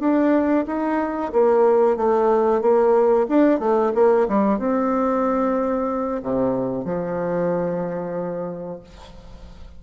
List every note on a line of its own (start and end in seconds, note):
0.00 0.65 D4
0.67 1.32 D#4
1.33 1.97 A#3
1.97 2.61 A3
2.61 3.27 A#3
3.29 3.60 D4
3.60 3.92 A3
3.95 4.27 A#3
4.28 4.59 G3
4.59 6.22 C4
6.23 6.85 C3
6.85 8.80 F3